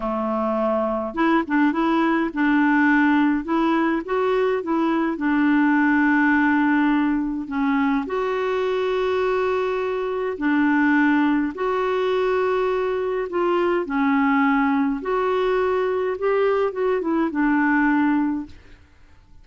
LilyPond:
\new Staff \with { instrumentName = "clarinet" } { \time 4/4 \tempo 4 = 104 a2 e'8 d'8 e'4 | d'2 e'4 fis'4 | e'4 d'2.~ | d'4 cis'4 fis'2~ |
fis'2 d'2 | fis'2. f'4 | cis'2 fis'2 | g'4 fis'8 e'8 d'2 | }